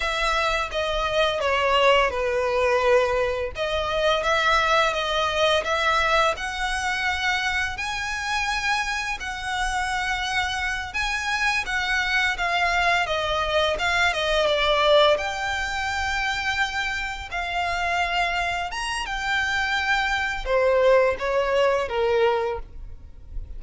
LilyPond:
\new Staff \with { instrumentName = "violin" } { \time 4/4 \tempo 4 = 85 e''4 dis''4 cis''4 b'4~ | b'4 dis''4 e''4 dis''4 | e''4 fis''2 gis''4~ | gis''4 fis''2~ fis''8 gis''8~ |
gis''8 fis''4 f''4 dis''4 f''8 | dis''8 d''4 g''2~ g''8~ | g''8 f''2 ais''8 g''4~ | g''4 c''4 cis''4 ais'4 | }